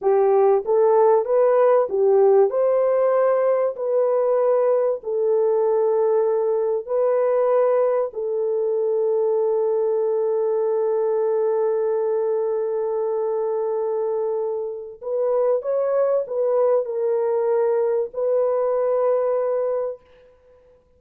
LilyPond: \new Staff \with { instrumentName = "horn" } { \time 4/4 \tempo 4 = 96 g'4 a'4 b'4 g'4 | c''2 b'2 | a'2. b'4~ | b'4 a'2.~ |
a'1~ | a'1 | b'4 cis''4 b'4 ais'4~ | ais'4 b'2. | }